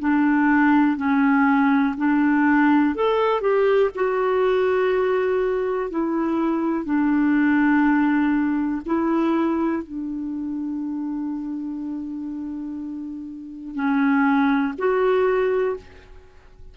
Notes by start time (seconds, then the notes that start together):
0.00 D4
0.97 C#4
1.98 D4
2.96 A4
3.42 G4
3.96 F#4
5.91 E4
6.85 D4
8.86 E4
9.84 D4
13.75 C#4
14.79 F#4